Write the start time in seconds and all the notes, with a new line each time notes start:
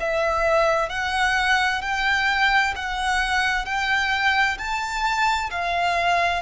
0.00 E5
0.89 F#5
1.81 G5
2.76 F#5
3.65 G5
4.58 A5
5.50 F5